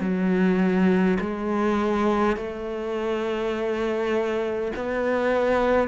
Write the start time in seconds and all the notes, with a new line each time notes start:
0.00 F#3
1.20 G#3
2.36 A3
4.76 B3